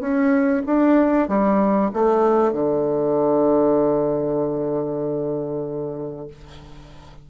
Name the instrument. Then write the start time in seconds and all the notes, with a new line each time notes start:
bassoon
0.00 C#4
0.66 D4
1.28 G3
1.93 A3
2.53 D3